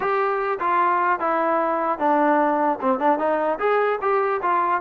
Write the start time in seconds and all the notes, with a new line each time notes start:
0.00 G4
0.59 F4
1.19 E4
1.99 D4
2.81 C4
2.99 D4
3.18 D#4
3.59 G#4
4.01 G4
4.42 F4